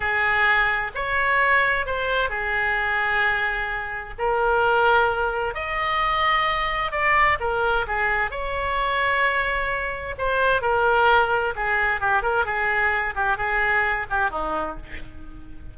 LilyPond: \new Staff \with { instrumentName = "oboe" } { \time 4/4 \tempo 4 = 130 gis'2 cis''2 | c''4 gis'2.~ | gis'4 ais'2. | dis''2. d''4 |
ais'4 gis'4 cis''2~ | cis''2 c''4 ais'4~ | ais'4 gis'4 g'8 ais'8 gis'4~ | gis'8 g'8 gis'4. g'8 dis'4 | }